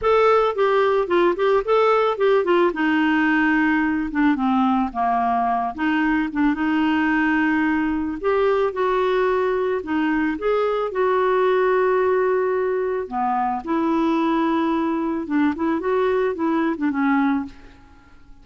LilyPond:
\new Staff \with { instrumentName = "clarinet" } { \time 4/4 \tempo 4 = 110 a'4 g'4 f'8 g'8 a'4 | g'8 f'8 dis'2~ dis'8 d'8 | c'4 ais4. dis'4 d'8 | dis'2. g'4 |
fis'2 dis'4 gis'4 | fis'1 | b4 e'2. | d'8 e'8 fis'4 e'8. d'16 cis'4 | }